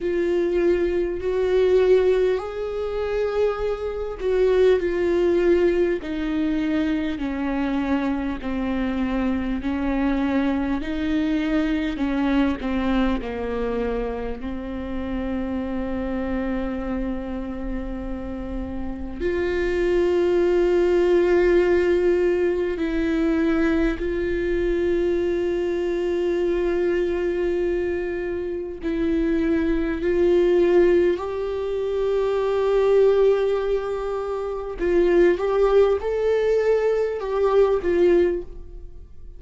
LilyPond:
\new Staff \with { instrumentName = "viola" } { \time 4/4 \tempo 4 = 50 f'4 fis'4 gis'4. fis'8 | f'4 dis'4 cis'4 c'4 | cis'4 dis'4 cis'8 c'8 ais4 | c'1 |
f'2. e'4 | f'1 | e'4 f'4 g'2~ | g'4 f'8 g'8 a'4 g'8 f'8 | }